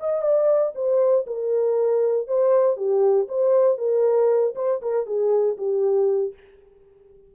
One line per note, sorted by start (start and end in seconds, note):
0.00 0.22 D#5
0.22 0.73 D5
0.75 1.26 C5
1.27 2.27 A#4
2.27 2.77 C5
2.77 3.28 G4
3.28 3.78 C5
3.78 4.54 A#4
4.55 4.81 C5
4.82 5.06 A#4
5.06 5.57 G#4
5.57 6.34 G4